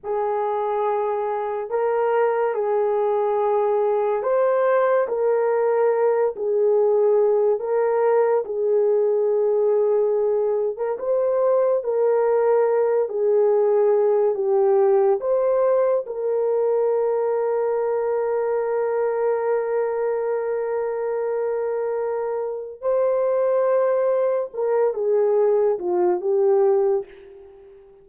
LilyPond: \new Staff \with { instrumentName = "horn" } { \time 4/4 \tempo 4 = 71 gis'2 ais'4 gis'4~ | gis'4 c''4 ais'4. gis'8~ | gis'4 ais'4 gis'2~ | gis'8. ais'16 c''4 ais'4. gis'8~ |
gis'4 g'4 c''4 ais'4~ | ais'1~ | ais'2. c''4~ | c''4 ais'8 gis'4 f'8 g'4 | }